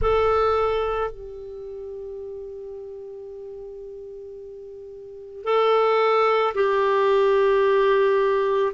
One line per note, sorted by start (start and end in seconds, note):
0.01 1.10 A4
1.10 5.44 G4
5.44 6.53 A4
6.54 8.72 G4